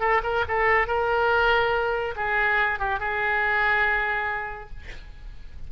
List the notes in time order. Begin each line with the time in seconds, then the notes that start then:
0.00 A4
0.23 A#4
0.48 A4
0.87 A#4
2.16 G#4
2.79 G4
3.00 G#4